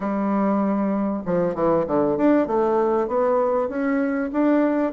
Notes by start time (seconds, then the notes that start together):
0.00 G3
1.25 F3
1.54 E3
1.86 D3
2.17 D4
2.47 A3
3.07 B3
3.68 C#4
4.32 D4